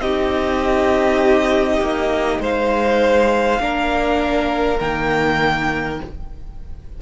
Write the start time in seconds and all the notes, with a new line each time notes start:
0.00 C4 D#4 G4 D#5
1.80 A#3
2.39 G#3 C5 F5
3.59 A#3 D4 A#4
4.79 D#3 A#3 G5